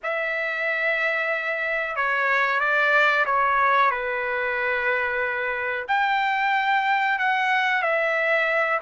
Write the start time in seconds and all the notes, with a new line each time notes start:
0.03 E5
1.96 C#5
2.60 D5
3.25 C#5
3.90 B4
5.88 G5
7.18 F#5
7.82 E5